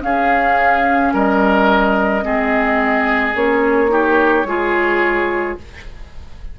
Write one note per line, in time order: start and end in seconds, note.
0.00 2.22 C#4
0.00 1.13 C#4
0.00 1.13 G#4
0.00 1.14 F5
1.13 2.25 G3
1.13 2.25 A#4
1.13 3.36 D#5
2.22 3.35 G#3
2.22 3.33 C4
2.22 3.92 G#4
3.34 4.44 A#3
3.34 3.88 C#4
3.34 5.58 C#5
3.88 4.44 D#4
3.88 4.47 G4
4.44 5.56 G#3
4.44 5.59 F4
4.44 5.60 G#4